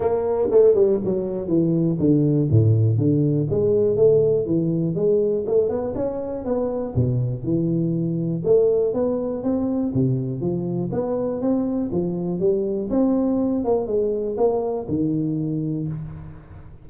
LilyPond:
\new Staff \with { instrumentName = "tuba" } { \time 4/4 \tempo 4 = 121 ais4 a8 g8 fis4 e4 | d4 a,4 d4 gis4 | a4 e4 gis4 a8 b8 | cis'4 b4 b,4 e4~ |
e4 a4 b4 c'4 | c4 f4 b4 c'4 | f4 g4 c'4. ais8 | gis4 ais4 dis2 | }